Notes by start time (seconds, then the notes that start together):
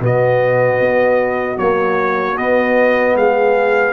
0.00 B2 B3 F#4 D#5
0.80 B3
1.57 F#3 A#3 C#5
2.38 B3 D#5
3.16 G#3 G#4 F5